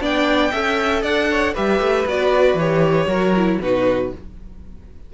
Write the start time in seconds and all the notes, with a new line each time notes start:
0.00 B3 D4 D5 G5
0.51 C#4 A4 E5
1.02 D4 D5 F#5
1.31 C#5
1.54 G3 G4 B4 E5
1.80 A3
2.06 B3 F#4 D5
2.54 E3 G4 C#5
3.07 F#3 F#4 A#4
3.37 E4
3.61 B2 D#4 F#4 B4